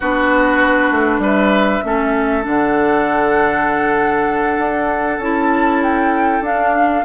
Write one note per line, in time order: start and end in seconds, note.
0.00 0.91 B3
0.00 1.84 D4
0.00 1.20 F#4
0.00 1.23 B4
0.91 1.18 A3
1.18 1.79 G3
1.18 1.83 B4
1.24 2.45 E5
1.84 2.45 A3
1.84 2.42 C#4
1.84 7.04 A4
2.42 4.58 D3
2.42 5.18 D4
2.42 5.20 F#5
4.58 5.18 D4
5.18 6.40 C#4
5.18 6.43 E4
5.18 5.82 A5
5.83 6.44 G5
6.40 7.02 D4
6.40 7.04 D4
6.40 7.04 F5